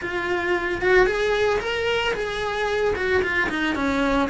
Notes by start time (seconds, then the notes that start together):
0.01 F4
0.81 F#4
1.06 G#4
1.60 A#4
2.14 G#4
2.95 F#4
3.22 F4
3.49 D#4
3.75 C#4